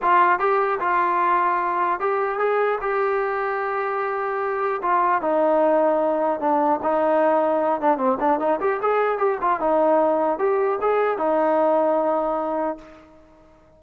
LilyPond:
\new Staff \with { instrumentName = "trombone" } { \time 4/4 \tempo 4 = 150 f'4 g'4 f'2~ | f'4 g'4 gis'4 g'4~ | g'1 | f'4 dis'2. |
d'4 dis'2~ dis'8 d'8 | c'8 d'8 dis'8 g'8 gis'4 g'8 f'8 | dis'2 g'4 gis'4 | dis'1 | }